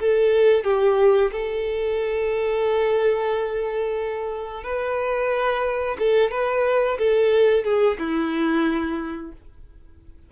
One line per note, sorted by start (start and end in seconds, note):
0.00 0.65 A4
0.65 1.31 G4
1.32 4.64 A4
4.64 5.97 B4
5.99 6.31 A4
6.31 6.98 B4
6.98 7.64 A4
7.64 7.98 G#4
7.99 9.32 E4